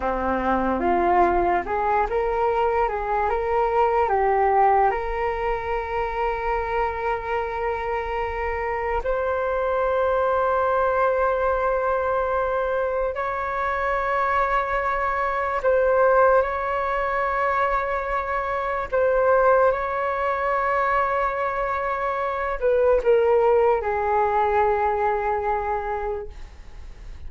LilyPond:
\new Staff \with { instrumentName = "flute" } { \time 4/4 \tempo 4 = 73 c'4 f'4 gis'8 ais'4 gis'8 | ais'4 g'4 ais'2~ | ais'2. c''4~ | c''1 |
cis''2. c''4 | cis''2. c''4 | cis''2.~ cis''8 b'8 | ais'4 gis'2. | }